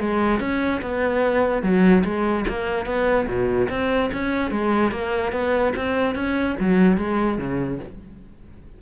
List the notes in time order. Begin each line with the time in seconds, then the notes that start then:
0.00 G#3
0.40 C#4
0.82 B3
1.63 F#3
2.04 G#3
2.49 A#3
2.86 B3
3.28 B2
3.70 C4
4.13 C#4
4.51 G#3
4.92 A#3
5.33 B3
5.76 C4
6.16 C#4
6.60 F#3
6.98 G#3
7.39 C#3